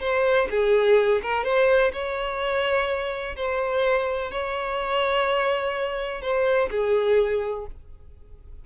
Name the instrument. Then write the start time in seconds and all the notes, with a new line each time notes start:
violin
0.00 C5
0.50 G#4
1.23 A#4
1.44 C5
1.93 C#5
3.36 C5
4.31 C#5
6.21 C5
6.71 G#4